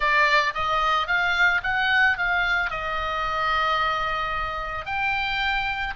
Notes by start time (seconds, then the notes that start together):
0.00 D5
0.54 D#5
1.07 F5
1.63 F#5
2.17 F5
2.70 D#5
4.85 G5